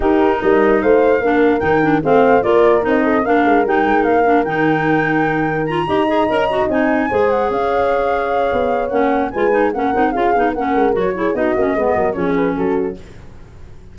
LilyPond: <<
  \new Staff \with { instrumentName = "flute" } { \time 4/4 \tempo 4 = 148 ais'4 dis''4 f''2 | g''4 f''4 d''4 dis''4 | f''4 g''4 f''4 g''4~ | g''2 ais''2~ |
ais''8 gis''4. fis''8 f''4.~ | f''2 fis''4 gis''4 | fis''4 f''4 fis''4 cis''4 | dis''2 cis''8 b'8 a'4 | }
  \new Staff \with { instrumentName = "horn" } { \time 4/4 g'4 ais'4 c''4 ais'4~ | ais'4 c''4 ais'4. a'8 | ais'1~ | ais'2~ ais'8 dis''4.~ |
dis''4. c''4 cis''4.~ | cis''2. b'4 | ais'4 gis'4 ais'4. gis'8 | fis'4 b'8 ais'8 gis'4 fis'4 | }
  \new Staff \with { instrumentName = "clarinet" } { \time 4/4 dis'2. d'4 | dis'8 d'8 c'4 f'4 dis'4 | d'4 dis'4. d'8 dis'4~ | dis'2 f'8 g'8 gis'8 ais'8 |
fis'8 dis'4 gis'2~ gis'8~ | gis'2 cis'4 f'8 dis'8 | cis'8 dis'8 f'8 dis'8 cis'4 fis'8 e'8 | dis'8 cis'8 b4 cis'2 | }
  \new Staff \with { instrumentName = "tuba" } { \time 4/4 dis'4 g4 a4 ais4 | dis4 a4 ais4 c'4 | ais8 gis8 g8 gis8 ais4 dis4~ | dis2~ dis8 dis'4 cis'8~ |
cis'16 dis'16 c'4 gis4 cis'4.~ | cis'4 b4 ais4 gis4 | ais8 c'8 cis'8 b8 ais8 gis8 fis4 | b8 ais8 gis8 fis8 f4 fis4 | }
>>